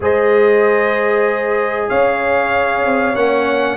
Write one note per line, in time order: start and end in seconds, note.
0.00 1.88 G#3
0.00 3.15 G#4
0.00 1.88 C5
0.00 1.89 D#5
1.88 2.84 C#4
1.88 3.77 C#5
1.88 3.15 F5
2.84 3.15 C4
3.15 3.77 A#3
3.15 3.77 C#4
3.15 3.77 F#5